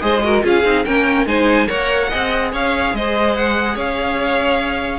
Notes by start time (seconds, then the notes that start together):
0.00 G#3 G#4 C5 D#5
0.23 F#4 A#4
0.42 C#4 F4 G#4 F5
0.64 C4 D#4
0.84 A#3 C#4 A#4 G5
1.26 G#3 D#4 C5 G#5
1.67 A#3 A#4 C#5 F#5
2.09 C4 G#4 D#5
2.52 C#4 C#5 F5
2.93 G#3 C5 D#5
3.35 F#5
3.74 C#4 C#5 F5